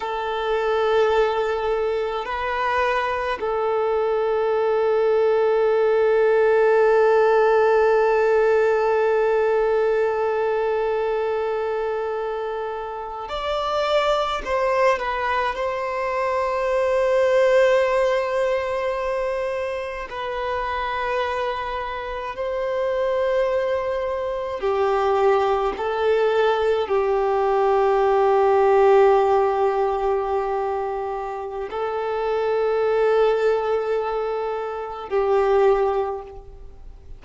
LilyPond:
\new Staff \with { instrumentName = "violin" } { \time 4/4 \tempo 4 = 53 a'2 b'4 a'4~ | a'1~ | a'2.~ a'8. d''16~ | d''8. c''8 b'8 c''2~ c''16~ |
c''4.~ c''16 b'2 c''16~ | c''4.~ c''16 g'4 a'4 g'16~ | g'1 | a'2. g'4 | }